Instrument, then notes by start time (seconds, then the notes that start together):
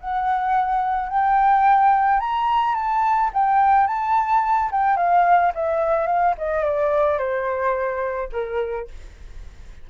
flute
0.00 F#5
1.09 G5
2.20 A#5
2.75 A5
3.33 G5
3.87 A5
4.71 G5
4.97 F5
5.55 E5
6.07 F5
6.38 D#5
6.64 D5
7.18 C5
8.32 A#4